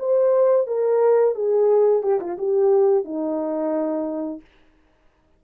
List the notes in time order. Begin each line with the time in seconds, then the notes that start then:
0.00 C5
0.67 A#4
1.35 G#4
2.03 G4
2.20 F4
2.39 G4
3.05 D#4